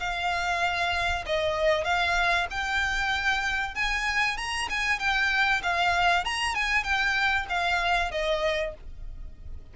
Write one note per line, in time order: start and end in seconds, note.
0.00 1.25 F5
1.26 1.85 D#5
1.85 2.47 F5
2.51 3.75 G5
3.75 4.38 G#5
4.38 4.69 A#5
4.70 5.00 G#5
5.00 5.62 G5
5.63 6.25 F5
6.25 6.55 A#5
6.55 6.84 G#5
6.84 7.47 G5
7.50 8.12 F5
8.12 8.74 D#5